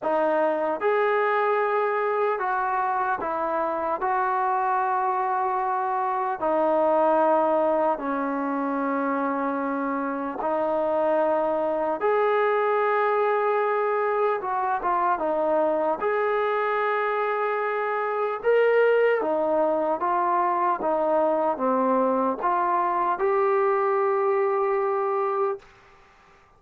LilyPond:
\new Staff \with { instrumentName = "trombone" } { \time 4/4 \tempo 4 = 75 dis'4 gis'2 fis'4 | e'4 fis'2. | dis'2 cis'2~ | cis'4 dis'2 gis'4~ |
gis'2 fis'8 f'8 dis'4 | gis'2. ais'4 | dis'4 f'4 dis'4 c'4 | f'4 g'2. | }